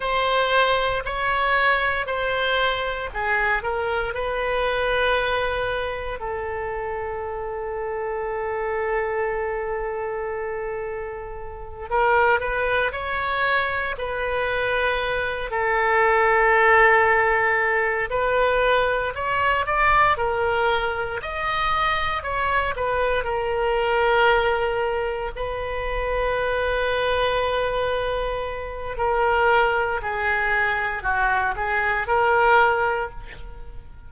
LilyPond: \new Staff \with { instrumentName = "oboe" } { \time 4/4 \tempo 4 = 58 c''4 cis''4 c''4 gis'8 ais'8 | b'2 a'2~ | a'2.~ a'8 ais'8 | b'8 cis''4 b'4. a'4~ |
a'4. b'4 cis''8 d''8 ais'8~ | ais'8 dis''4 cis''8 b'8 ais'4.~ | ais'8 b'2.~ b'8 | ais'4 gis'4 fis'8 gis'8 ais'4 | }